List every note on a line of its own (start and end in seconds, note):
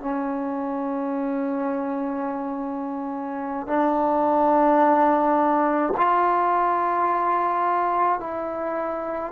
0.00 3.67 C#4
3.67 5.93 D4
5.97 8.20 F4
8.20 9.32 E4